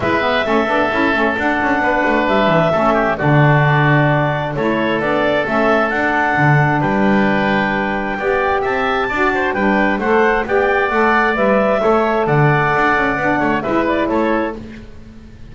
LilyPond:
<<
  \new Staff \with { instrumentName = "clarinet" } { \time 4/4 \tempo 4 = 132 e''2. fis''4~ | fis''4 e''2 d''4~ | d''2 cis''4 d''4 | e''4 fis''2 g''4~ |
g''2. a''4~ | a''4 g''4 fis''4 g''4 | fis''4 e''2 fis''4~ | fis''2 e''8 d''8 cis''4 | }
  \new Staff \with { instrumentName = "oboe" } { \time 4/4 b'4 a'2. | b'2 a'8 g'8 fis'4~ | fis'2 a'2~ | a'2. b'4~ |
b'2 d''4 e''4 | d''8 c''8 b'4 c''4 d''4~ | d''2 cis''4 d''4~ | d''4. cis''8 b'4 a'4 | }
  \new Staff \with { instrumentName = "saxophone" } { \time 4/4 e'8 b8 cis'8 d'8 e'8 cis'8 d'4~ | d'2 cis'4 d'4~ | d'2 e'4 d'4 | cis'4 d'2.~ |
d'2 g'2 | fis'4 d'4 a'4 g'4 | a'4 b'4 a'2~ | a'4 d'4 e'2 | }
  \new Staff \with { instrumentName = "double bass" } { \time 4/4 gis4 a8 b8 cis'8 a8 d'8 cis'8 | b8 a8 g8 e8 a4 d4~ | d2 a4 b4 | a4 d'4 d4 g4~ |
g2 b4 c'4 | d'4 g4 a4 b4 | a4 g4 a4 d4 | d'8 cis'8 b8 a8 gis4 a4 | }
>>